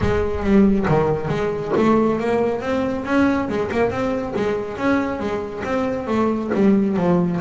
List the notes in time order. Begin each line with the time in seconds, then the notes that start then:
0.00 G#3
0.43 G3
0.88 D#3
1.28 G#3
1.76 A3
2.19 A#3
2.61 C4
3.05 C#4
3.48 G#3
3.71 A#3
3.90 C4
4.36 G#3
4.77 C#4
5.19 G#3
5.64 C4
6.07 A3
6.53 G3
6.96 F3